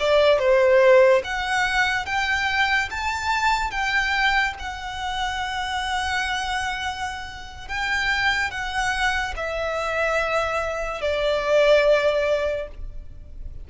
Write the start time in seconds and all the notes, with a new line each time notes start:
0.00 D5
0.39 C5
1.24 F#5
2.06 G5
2.91 A5
3.71 G5
4.59 F#5
7.68 G5
8.51 F#5
9.37 E5
11.02 D5